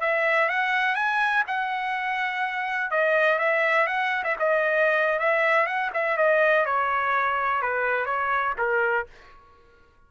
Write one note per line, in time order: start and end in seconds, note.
0.00 0.48 E5
0.48 0.95 F#5
0.95 1.43 G#5
1.47 2.91 F#5
2.91 3.38 D#5
3.38 3.87 E5
3.87 4.23 F#5
4.24 4.36 E5
4.39 5.19 D#5
5.19 5.66 E5
5.66 5.90 F#5
5.94 6.17 E5
6.17 6.65 D#5
6.66 7.62 C#5
7.62 8.06 B4
8.06 8.54 C#5
8.58 9.06 A#4